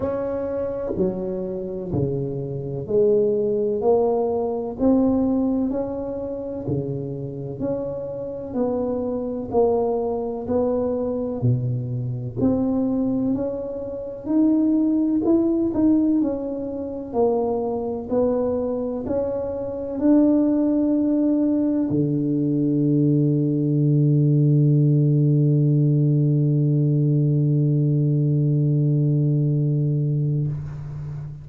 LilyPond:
\new Staff \with { instrumentName = "tuba" } { \time 4/4 \tempo 4 = 63 cis'4 fis4 cis4 gis4 | ais4 c'4 cis'4 cis4 | cis'4 b4 ais4 b4 | b,4 c'4 cis'4 dis'4 |
e'8 dis'8 cis'4 ais4 b4 | cis'4 d'2 d4~ | d1~ | d1 | }